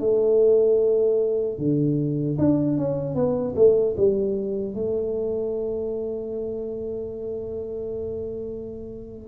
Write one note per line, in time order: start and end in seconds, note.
0.00 1.58 A3
1.58 2.37 D3
2.38 2.77 D4
2.77 3.15 C#4
3.15 3.54 B3
3.56 3.95 A3
3.97 4.74 G3
4.74 9.28 A3